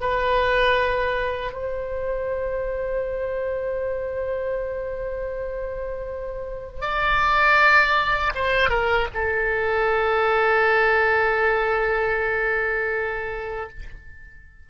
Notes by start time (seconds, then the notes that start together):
0.00 B4
1.52 C5
6.81 D5
8.34 C5
8.69 A#4
9.14 A4